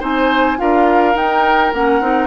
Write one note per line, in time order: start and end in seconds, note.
0.00 0.59 C4
0.00 0.58 D#4
0.00 0.57 C5
0.00 0.59 G#5
0.58 1.15 D4
0.58 1.14 F4
0.58 2.27 A#4
0.58 1.16 F5
1.14 1.71 D#4
1.14 1.72 D#4
1.14 1.73 G5
1.73 2.00 A#3
1.73 2.02 C#4
1.73 2.27 F#5
2.00 2.27 C4
2.00 2.27 D#4